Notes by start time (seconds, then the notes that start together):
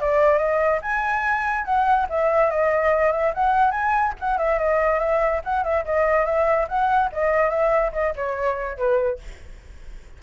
0.00 D5
0.38 D#5
0.82 G#5
1.65 F#5
2.09 E5
2.50 D#5
3.12 E5
3.34 F#5
3.71 G#5
4.19 F#5
4.38 E5
4.58 D#5
4.99 E5
5.44 F#5
5.64 E5
5.85 D#5
6.25 E5
6.68 F#5
7.12 D#5
7.50 E5
7.93 D#5
8.16 C#5
8.77 B4